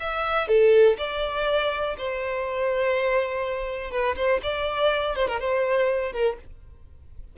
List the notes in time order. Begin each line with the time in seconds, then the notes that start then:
0.00 E5
0.48 A4
0.98 D5
1.98 C5
3.91 B4
4.16 C5
4.43 D5
5.16 C5
5.28 A#4
5.40 C5
6.13 A#4